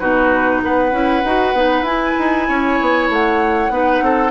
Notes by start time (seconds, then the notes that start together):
0.00 B2 D#4 F#4 B4
0.63 B3 B4 F#5
0.92 C#4 E4
1.24 D#4 F#4
1.54 B3 D#4
1.82 E4 G#5
2.19 D#4
2.49 C#4 C#5
2.81 B3
3.09 A3 F#5
3.70 B3 D#4 B4
4.02 C4 A4